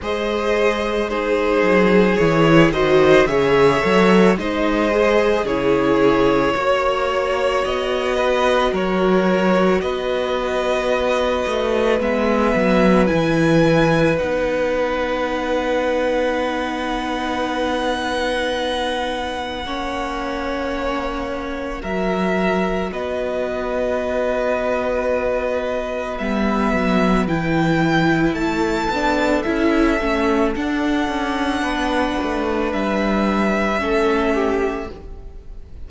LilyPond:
<<
  \new Staff \with { instrumentName = "violin" } { \time 4/4 \tempo 4 = 55 dis''4 c''4 cis''8 dis''8 e''4 | dis''4 cis''2 dis''4 | cis''4 dis''2 e''4 | gis''4 fis''2.~ |
fis''1 | e''4 dis''2. | e''4 g''4 a''4 e''4 | fis''2 e''2 | }
  \new Staff \with { instrumentName = "violin" } { \time 4/4 c''4 gis'4. c''8 cis''4 | c''4 gis'4 cis''4. b'8 | ais'4 b'2.~ | b'1~ |
b'2 cis''2 | ais'4 b'2.~ | b'2 a'2~ | a'4 b'2 a'8 g'8 | }
  \new Staff \with { instrumentName = "viola" } { \time 4/4 gis'4 dis'4 e'8 fis'8 gis'8 a'8 | dis'8 gis'8 e'4 fis'2~ | fis'2. b4 | e'4 dis'2.~ |
dis'2 cis'2 | fis'1 | b4 e'4. d'8 e'8 cis'8 | d'2. cis'4 | }
  \new Staff \with { instrumentName = "cello" } { \time 4/4 gis4. fis8 e8 dis8 cis8 fis8 | gis4 cis4 ais4 b4 | fis4 b4. a8 gis8 fis8 | e4 b2.~ |
b2 ais2 | fis4 b2. | g8 fis8 e4 a8 b8 cis'8 a8 | d'8 cis'8 b8 a8 g4 a4 | }
>>